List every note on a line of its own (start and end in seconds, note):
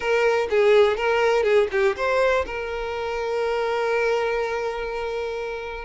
0.00 0.47 A#4
0.50 0.96 G#4
0.96 1.43 A#4
1.43 1.67 G#4
1.71 1.95 G4
1.96 2.45 C5
2.46 5.84 A#4